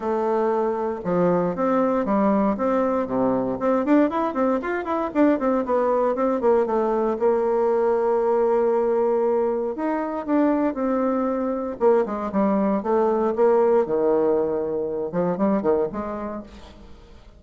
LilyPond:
\new Staff \with { instrumentName = "bassoon" } { \time 4/4 \tempo 4 = 117 a2 f4 c'4 | g4 c'4 c4 c'8 d'8 | e'8 c'8 f'8 e'8 d'8 c'8 b4 | c'8 ais8 a4 ais2~ |
ais2. dis'4 | d'4 c'2 ais8 gis8 | g4 a4 ais4 dis4~ | dis4. f8 g8 dis8 gis4 | }